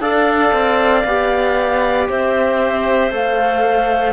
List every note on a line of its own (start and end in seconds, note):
0.00 0.52 D4
0.00 1.04 A4
0.00 2.09 D5
0.00 2.09 F5
0.53 1.05 C4
1.05 2.08 B3
1.05 3.10 G4
2.09 3.12 C4
2.09 4.13 C5
2.09 3.14 E5
3.10 4.13 A3
3.10 4.13 A4
3.10 4.13 F5